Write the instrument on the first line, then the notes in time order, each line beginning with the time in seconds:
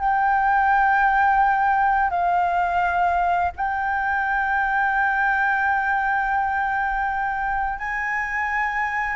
flute
0.00 G5
2.11 F5
3.57 G5
7.79 G#5